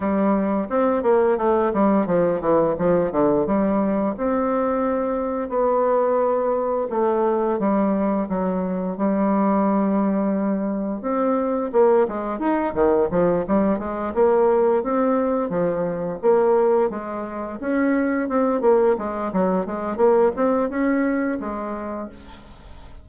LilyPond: \new Staff \with { instrumentName = "bassoon" } { \time 4/4 \tempo 4 = 87 g4 c'8 ais8 a8 g8 f8 e8 | f8 d8 g4 c'2 | b2 a4 g4 | fis4 g2. |
c'4 ais8 gis8 dis'8 dis8 f8 g8 | gis8 ais4 c'4 f4 ais8~ | ais8 gis4 cis'4 c'8 ais8 gis8 | fis8 gis8 ais8 c'8 cis'4 gis4 | }